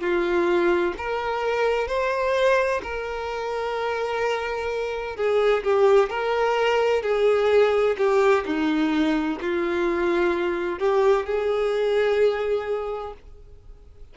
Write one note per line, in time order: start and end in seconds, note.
0.00 0.94 F4
0.98 1.88 A#4
1.88 2.82 C5
2.83 5.16 A#4
5.16 5.63 G#4
5.64 6.10 G4
6.10 7.03 A#4
7.03 7.96 G#4
7.98 8.45 G4
8.46 9.40 D#4
9.41 10.79 F4
10.79 11.26 G4
11.26 13.14 G#4